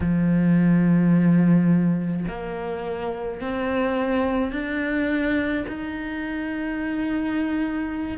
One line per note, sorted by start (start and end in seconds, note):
0.00 2.25 F3
2.27 3.40 A#3
3.40 4.52 C4
4.52 5.65 D4
5.68 8.18 D#4